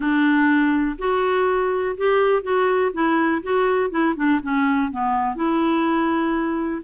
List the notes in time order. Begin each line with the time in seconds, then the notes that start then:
0.00 D4
0.98 F#4
1.97 G4
2.43 F#4
2.93 E4
3.43 F#4
3.90 E4
4.16 D4
4.42 C#4
4.91 B3
5.35 E4